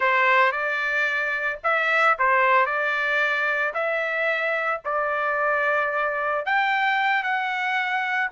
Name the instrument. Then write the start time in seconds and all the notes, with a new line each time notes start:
trumpet
0.00 C5
0.52 D5
1.63 E5
2.18 C5
2.65 D5
3.74 E5
4.84 D5
6.45 G5
7.23 F#5